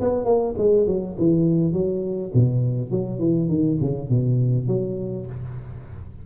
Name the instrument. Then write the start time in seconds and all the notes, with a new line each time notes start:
tuba
0.00 B3
0.25 A#3
0.57 G#3
0.87 F#3
1.18 E3
1.72 F#3
2.34 B2
2.90 F#3
3.19 E3
3.49 D#3
3.80 C#3
4.09 B2
4.67 F#3